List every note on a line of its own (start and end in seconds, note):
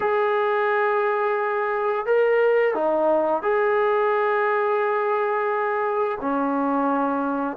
0.00 2.06 G#4
2.06 2.74 A#4
2.74 3.42 D#4
3.42 6.18 G#4
6.21 7.57 C#4